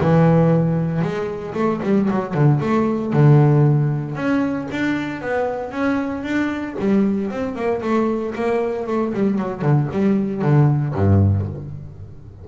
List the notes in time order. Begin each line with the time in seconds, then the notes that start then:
0.00 E3
1.02 G#3
1.54 A3
1.83 G3
2.10 F#3
2.34 D3
2.60 A3
3.13 D3
4.15 C#4
4.71 D4
5.21 B3
5.71 C#4
6.23 D4
6.78 G3
7.30 C4
7.55 A#3
7.81 A3
8.35 A#3
8.87 A3
9.13 G3
9.38 F#3
9.61 D3
9.92 G3
10.41 D3
10.94 G2